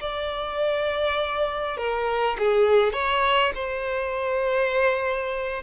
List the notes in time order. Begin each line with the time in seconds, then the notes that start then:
0.00 D5
1.77 A#4
2.38 G#4
2.92 C#5
3.54 C5